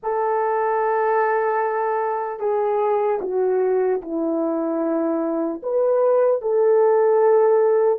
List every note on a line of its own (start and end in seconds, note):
0.02 2.39 A4
2.39 3.19 G#4
3.21 4.01 F#4
4.01 5.61 E4
5.63 6.41 B4
6.41 7.99 A4